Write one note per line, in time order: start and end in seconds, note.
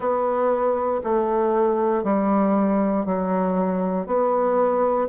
0.00 1.01 B3
1.04 2.03 A3
2.03 3.05 G3
3.05 4.06 F#3
4.06 5.08 B3